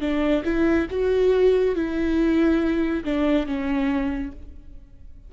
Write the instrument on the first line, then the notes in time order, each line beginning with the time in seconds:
viola
0.00 D4
0.44 E4
0.90 F#4
1.75 E4
3.04 D4
3.46 C#4